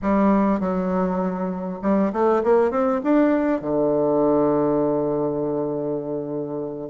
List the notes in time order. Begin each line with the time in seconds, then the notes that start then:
0.02 G3
0.59 F#3
1.81 G3
2.12 A3
2.43 A#3
2.70 C4
3.03 D4
3.61 D3